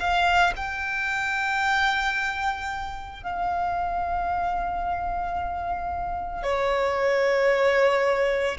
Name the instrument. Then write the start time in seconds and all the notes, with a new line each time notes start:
violin
0.00 F5
0.57 G5
3.23 F5
6.43 C#5